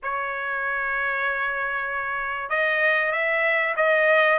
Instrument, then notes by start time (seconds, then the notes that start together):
trumpet
0.02 C#5
2.49 D#5
3.12 E5
3.76 D#5